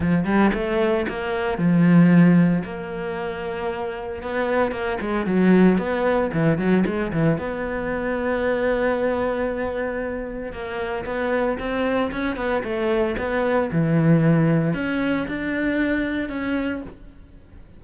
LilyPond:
\new Staff \with { instrumentName = "cello" } { \time 4/4 \tempo 4 = 114 f8 g8 a4 ais4 f4~ | f4 ais2. | b4 ais8 gis8 fis4 b4 | e8 fis8 gis8 e8 b2~ |
b1 | ais4 b4 c'4 cis'8 b8 | a4 b4 e2 | cis'4 d'2 cis'4 | }